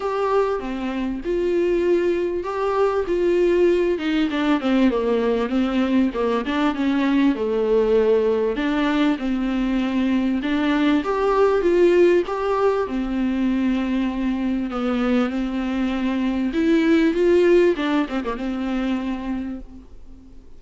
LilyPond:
\new Staff \with { instrumentName = "viola" } { \time 4/4 \tempo 4 = 98 g'4 c'4 f'2 | g'4 f'4. dis'8 d'8 c'8 | ais4 c'4 ais8 d'8 cis'4 | a2 d'4 c'4~ |
c'4 d'4 g'4 f'4 | g'4 c'2. | b4 c'2 e'4 | f'4 d'8 c'16 ais16 c'2 | }